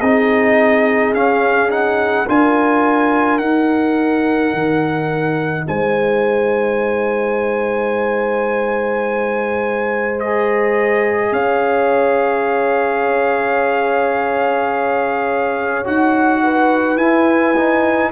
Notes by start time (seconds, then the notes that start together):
0.00 C4 D#4 G#4 D#5
1.13 C#4 F5
1.69 D#4 F#5
2.27 D4 F4 A#4 G#5
3.38 D#4 F#5
4.53 D#3
5.67 G#3 C5 G#5
10.20 G#4 D#5
11.32 C#4 C#5 F5
15.84 D#4 F#4 F#5
16.43 B4
16.96 E4 G#5
17.56 D#4